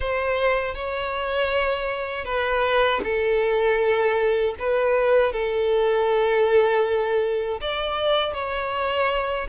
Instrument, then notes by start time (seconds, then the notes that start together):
violin
0.00 C5
0.75 C#5
2.24 B4
3.03 A4
4.59 B4
5.32 A4
7.61 D5
8.33 C#5